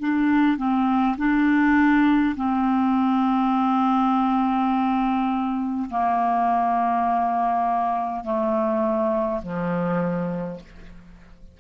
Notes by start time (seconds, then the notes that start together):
0.00 D4
0.57 C4
1.18 D4
2.36 C4
5.90 A#3
8.24 A3
9.43 F3